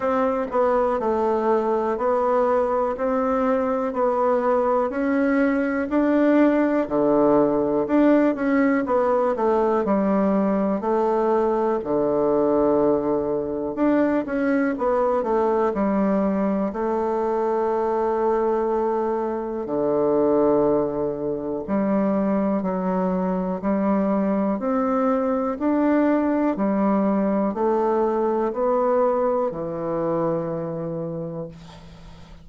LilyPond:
\new Staff \with { instrumentName = "bassoon" } { \time 4/4 \tempo 4 = 61 c'8 b8 a4 b4 c'4 | b4 cis'4 d'4 d4 | d'8 cis'8 b8 a8 g4 a4 | d2 d'8 cis'8 b8 a8 |
g4 a2. | d2 g4 fis4 | g4 c'4 d'4 g4 | a4 b4 e2 | }